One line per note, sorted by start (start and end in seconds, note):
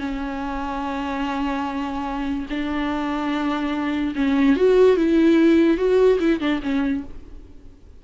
0.00 2.47 C#4
2.50 4.15 D4
4.16 4.57 C#4
4.57 4.97 F#4
4.97 5.78 E4
5.78 6.19 F#4
6.20 6.41 E4
6.41 6.61 D4
6.63 7.04 C#4